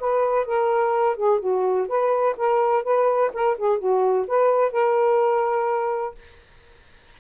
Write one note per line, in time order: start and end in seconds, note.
0.00 0.46 B4
0.46 1.16 A#4
1.16 1.40 G#4
1.40 1.87 F#4
1.88 2.36 B4
2.37 2.83 A#4
2.83 3.31 B4
3.33 3.57 A#4
3.57 3.78 G#4
3.78 4.26 F#4
4.27 4.72 B4
4.72 6.15 A#4